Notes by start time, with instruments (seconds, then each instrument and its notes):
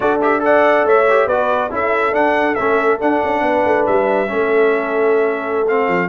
0.00 tuba D4, trombone F#4, horn A4, trumpet D5
0.21 trombone G4, trumpet E5
0.39 trombone A4, horn D5, trumpet F#5
0.84 tuba A3, horn C#5, trumpet E5
1.09 trombone G4
1.26 tuba B3, trombone F#4, horn B4, trumpet D5
1.70 tuba C#4, trombone E4, horn A4, trumpet E5
2.12 tuba D4, trombone D4, trumpet F#5
2.55 tuba A3, trombone C#4, trumpet E5
3.00 trombone D4, tuba D4, trumpet F#5
3.23 tuba C#4
3.41 tuba B3, horn B4
3.65 tuba A3
3.86 tuba G3, trumpet E5
4.26 tuba A3, trombone C#4, horn A4
5.68 trombone C4, trumpet F5
5.88 tuba F3